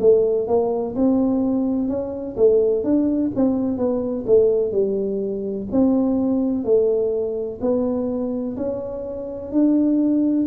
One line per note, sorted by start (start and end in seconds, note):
0.00 0.48 A3
0.48 0.95 A#3
0.96 1.88 C4
1.88 2.36 C#4
2.37 2.84 A3
2.84 3.32 D4
3.35 3.77 C4
3.77 4.25 B3
4.27 4.72 A3
4.72 5.68 G3
5.72 6.65 C4
6.65 7.60 A3
7.61 8.57 B3
8.57 9.52 C#4
9.52 10.47 D4